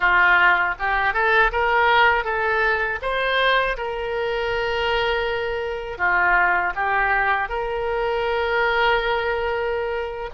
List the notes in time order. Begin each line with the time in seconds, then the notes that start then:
0.00 F4
0.79 G4
1.13 A4
1.51 A#4
2.24 A4
3.01 C5
3.77 A#4
5.98 F4
6.75 G4
7.48 A#4